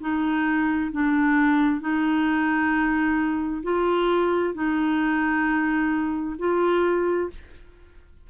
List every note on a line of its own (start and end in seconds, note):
0.00 0.91 D#4
0.92 1.80 D4
1.80 3.62 D#4
3.63 4.54 F4
4.54 6.36 D#4
6.38 7.29 F4